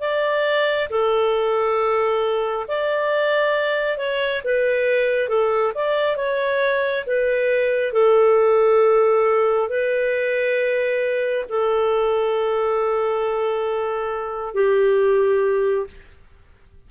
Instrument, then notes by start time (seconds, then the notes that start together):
clarinet
0.00 D5
0.89 A4
2.68 D5
3.97 C#5
4.44 B4
5.28 A4
5.74 D5
6.16 C#5
7.06 B4
7.93 A4
9.69 B4
11.49 A4
14.54 G4